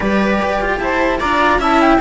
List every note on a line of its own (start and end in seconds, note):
0.00 0.40 G3
0.00 1.19 G4
0.00 0.75 B4
0.00 0.78 D5
0.41 0.60 G4
0.60 0.79 F4
0.78 1.19 E4
0.78 1.19 C5
0.78 1.18 A5
1.19 1.58 D4
1.19 1.59 F4
1.19 1.59 D5
1.19 1.60 A#5
1.58 1.98 C#4
1.58 1.99 E4
1.58 1.99 E5
1.58 1.81 A5
1.81 2.00 G5